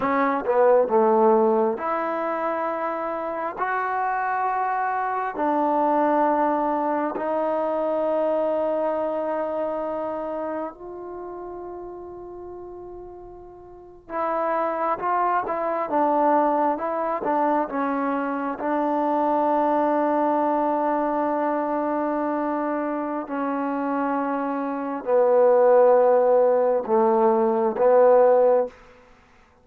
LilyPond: \new Staff \with { instrumentName = "trombone" } { \time 4/4 \tempo 4 = 67 cis'8 b8 a4 e'2 | fis'2 d'2 | dis'1 | f'2.~ f'8. e'16~ |
e'8. f'8 e'8 d'4 e'8 d'8 cis'16~ | cis'8. d'2.~ d'16~ | d'2 cis'2 | b2 a4 b4 | }